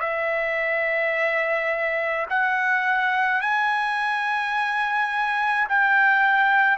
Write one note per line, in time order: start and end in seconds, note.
0.00 2.26 E5
2.30 3.41 F#5
3.41 5.67 G#5
5.69 6.77 G5